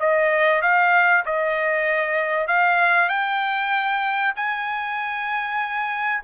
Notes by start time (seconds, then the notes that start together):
0.00 D#5
0.62 F5
1.26 D#5
2.47 F5
3.09 G5
4.36 G#5